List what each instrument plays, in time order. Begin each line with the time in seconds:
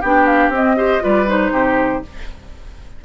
0.00 bassoon B3, clarinet D4, oboe G4, flute G5
0.26 flute F5
0.48 bassoon C4, clarinet C4
0.55 flute D#5
0.77 clarinet G4, oboe C5
1.01 bassoon G3, clarinet F4, oboe B4, flute D5
1.26 clarinet D#4, flute C5
1.51 bassoon C3, oboe G4